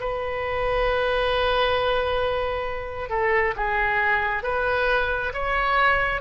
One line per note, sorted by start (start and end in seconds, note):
0.00 3.09 B4
3.09 3.54 A4
3.56 4.43 G#4
4.43 5.32 B4
5.33 6.21 C#5